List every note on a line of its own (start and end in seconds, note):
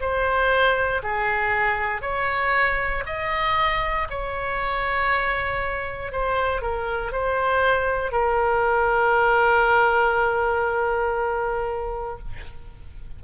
0.00 1.02 C5
1.03 2.02 G#4
2.02 3.03 C#5
3.06 4.07 D#5
4.10 6.12 C#5
6.12 6.61 C5
6.61 7.12 A#4
7.12 8.11 C5
8.11 12.18 A#4